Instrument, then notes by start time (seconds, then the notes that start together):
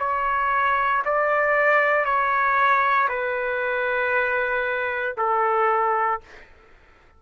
trumpet
0.00 C#5
1.06 D5
2.05 C#5
3.09 B4
5.18 A4